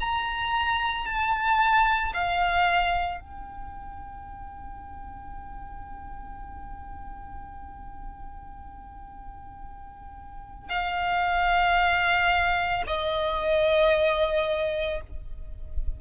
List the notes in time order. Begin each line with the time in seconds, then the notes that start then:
0.00 A#5
1.06 A5
2.13 F5
3.20 G5
10.69 F5
12.87 D#5